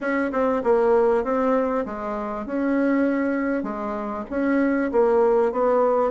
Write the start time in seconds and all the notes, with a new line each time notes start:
0.00 C#4
0.31 C4
0.63 A#3
1.24 C4
1.85 G#3
2.45 C#4
3.63 G#3
4.29 C#4
4.91 A#3
5.52 B3